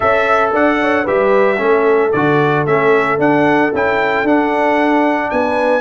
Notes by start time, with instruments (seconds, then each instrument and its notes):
0.00 tuba C#4, trombone A4, trumpet E5, horn E5
0.53 tuba D4, horn D5, trumpet F#5
0.81 horn C#5
1.04 tuba G3, trombone G4, horn B4, trumpet E5
1.57 tuba A3, trombone C#4, horn A4
2.12 tuba D3, trombone F#4, trumpet D5
2.66 tuba A3, trombone C#4, trumpet E5
3.18 trombone D4, tuba D4, trumpet F#5
3.73 tuba C#4, trombone E4, trumpet G5
4.23 tuba D4, trombone D4, trumpet F#5
5.30 tuba B3, horn B4, trumpet G#5